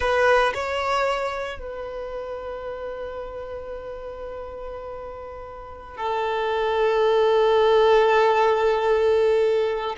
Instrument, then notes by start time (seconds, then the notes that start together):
violin
0.00 B4
0.54 C#5
1.59 B4
5.97 A4